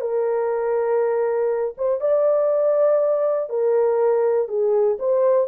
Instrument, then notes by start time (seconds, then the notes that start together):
horn
0.00 A#4
1.77 C5
2.00 D5
3.49 A#4
4.48 G#4
4.99 C5